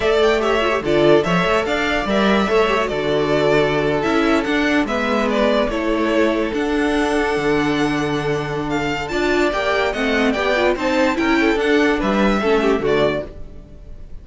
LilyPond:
<<
  \new Staff \with { instrumentName = "violin" } { \time 4/4 \tempo 4 = 145 e''8 g''8 e''4 d''4 e''4 | f''4 e''2 d''4~ | d''4.~ d''16 e''4 fis''4 e''16~ | e''8. d''4 cis''2 fis''16~ |
fis''1~ | fis''4 f''4 a''4 g''4 | fis''4 g''4 a''4 g''4 | fis''4 e''2 d''4 | }
  \new Staff \with { instrumentName = "violin" } { \time 4/4 d''4 cis''4 a'4 cis''4 | d''2 cis''4 a'4~ | a'2.~ a'8. b'16~ | b'4.~ b'16 a'2~ a'16~ |
a'1~ | a'2 d''2 | dis''4 d''4 c''4 ais'8 a'8~ | a'4 b'4 a'8 g'8 fis'4 | }
  \new Staff \with { instrumentName = "viola" } { \time 4/4 a'4 g'8 f'16 g'16 f'4 a'4~ | a'4 ais'4 a'8 g'16 fis'4~ fis'16~ | fis'4.~ fis'16 e'4 d'4 b16~ | b4.~ b16 e'2 d'16~ |
d'1~ | d'2 f'4 g'4 | c'4 g'8 f'8 dis'4 e'4 | d'2 cis'4 a4 | }
  \new Staff \with { instrumentName = "cello" } { \time 4/4 a2 d4 f8 a8 | d'4 g4 a4 d4~ | d4.~ d16 cis'4 d'4 gis16~ | gis4.~ gis16 a2 d'16~ |
d'4.~ d'16 d2~ d16~ | d2 d'4 ais4 | a4 b4 c'4 cis'4 | d'4 g4 a4 d4 | }
>>